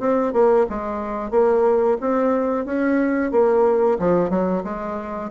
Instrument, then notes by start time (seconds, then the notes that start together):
bassoon
0.00 C4
0.33 A#3
0.70 G#3
1.31 A#3
2.01 C4
2.66 C#4
3.32 A#3
3.99 F3
4.30 F#3
4.64 G#3